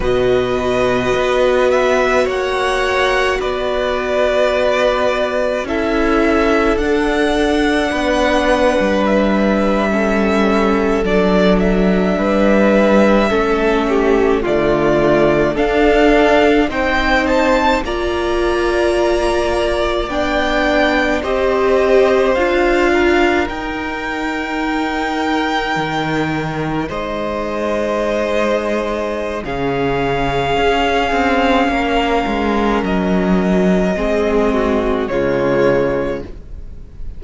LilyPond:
<<
  \new Staff \with { instrumentName = "violin" } { \time 4/4 \tempo 4 = 53 dis''4. e''8 fis''4 d''4~ | d''4 e''4 fis''2 | e''4.~ e''16 d''8 e''4.~ e''16~ | e''8. d''4 f''4 g''8 a''8 ais''16~ |
ais''4.~ ais''16 g''4 dis''4 f''16~ | f''8. g''2. dis''16~ | dis''2 f''2~ | f''4 dis''2 cis''4 | }
  \new Staff \with { instrumentName = "violin" } { \time 4/4 b'2 cis''4 b'4~ | b'4 a'2 b'4~ | b'8. a'2 b'4 a'16~ | a'16 g'8 f'4 a'4 c''4 d''16~ |
d''2~ d''8. c''4~ c''16~ | c''16 ais'2.~ ais'8 c''16~ | c''2 gis'2 | ais'2 gis'8 fis'8 f'4 | }
  \new Staff \with { instrumentName = "viola" } { \time 4/4 fis'1~ | fis'4 e'4 d'2~ | d'8. cis'4 d'2 cis'16~ | cis'8. a4 d'4 dis'4 f'16~ |
f'4.~ f'16 d'4 g'4 f'16~ | f'8. dis'2.~ dis'16~ | dis'2 cis'2~ | cis'2 c'4 gis4 | }
  \new Staff \with { instrumentName = "cello" } { \time 4/4 b,4 b4 ais4 b4~ | b4 cis'4 d'4 b8. g16~ | g4.~ g16 fis4 g4 a16~ | a8. d4 d'4 c'4 ais16~ |
ais4.~ ais16 b4 c'4 d'16~ | d'8. dis'2 dis4 gis16~ | gis2 cis4 cis'8 c'8 | ais8 gis8 fis4 gis4 cis4 | }
>>